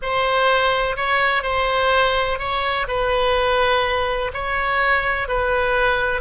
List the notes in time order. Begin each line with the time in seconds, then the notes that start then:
0.01 C5
0.96 C#5
1.42 C5
2.39 C#5
2.87 B4
4.33 C#5
5.28 B4